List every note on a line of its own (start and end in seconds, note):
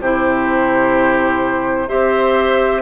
0.00 1.88 C3
0.00 1.88 E4
0.00 1.88 G4
0.00 1.88 C5
1.88 2.82 C4
1.88 2.82 G4
1.88 2.82 C5
1.88 2.82 E5